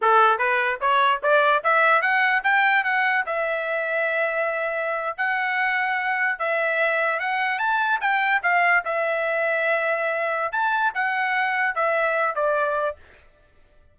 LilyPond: \new Staff \with { instrumentName = "trumpet" } { \time 4/4 \tempo 4 = 148 a'4 b'4 cis''4 d''4 | e''4 fis''4 g''4 fis''4 | e''1~ | e''8. fis''2. e''16~ |
e''4.~ e''16 fis''4 a''4 g''16~ | g''8. f''4 e''2~ e''16~ | e''2 a''4 fis''4~ | fis''4 e''4. d''4. | }